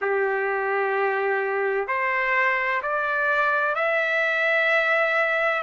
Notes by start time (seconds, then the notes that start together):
0.01 G4
1.87 C5
2.82 D5
3.75 E5